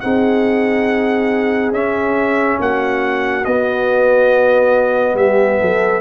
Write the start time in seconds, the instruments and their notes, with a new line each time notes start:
0.00 tuba C4, trombone D#4, horn G#4, trumpet F#5
1.71 tuba C#4, trombone C#4, trumpet E5
2.59 tuba A#3, horn F#4, trumpet F#5
3.44 tuba B3, trombone B3, trumpet D#5
5.14 tuba G3, horn G4, trumpet E5
5.59 tuba F#3, horn A4